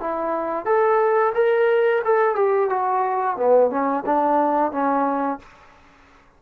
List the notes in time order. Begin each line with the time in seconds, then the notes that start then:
0.00 E4
0.65 A4
1.35 A#4
2.04 A4
2.35 G4
2.69 F#4
3.37 B3
3.70 C#4
4.06 D4
4.71 C#4